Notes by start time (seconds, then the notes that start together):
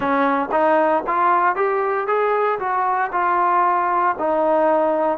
0.00 C#4
0.51 D#4
1.06 F4
1.55 G4
2.07 G#4
2.59 F#4
3.12 F4
4.18 D#4